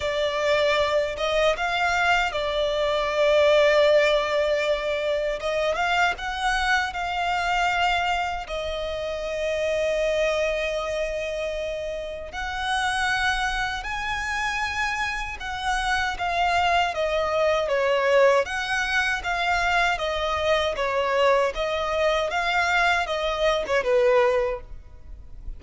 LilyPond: \new Staff \with { instrumentName = "violin" } { \time 4/4 \tempo 4 = 78 d''4. dis''8 f''4 d''4~ | d''2. dis''8 f''8 | fis''4 f''2 dis''4~ | dis''1 |
fis''2 gis''2 | fis''4 f''4 dis''4 cis''4 | fis''4 f''4 dis''4 cis''4 | dis''4 f''4 dis''8. cis''16 b'4 | }